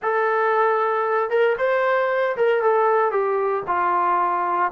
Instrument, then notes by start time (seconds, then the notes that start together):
trombone
0.02 A4
1.30 A#4
1.57 C5
2.36 A#4
2.62 A4
3.11 G4
3.67 F4